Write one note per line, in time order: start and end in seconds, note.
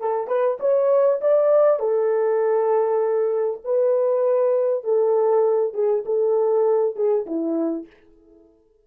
0.00 0.27 A4
0.27 0.58 B4
0.60 1.20 C#5
1.21 1.79 D5
1.79 3.61 A4
3.64 4.83 B4
4.83 5.74 A4
5.74 6.04 G#4
6.05 6.95 A4
6.95 7.26 G#4
7.26 7.87 E4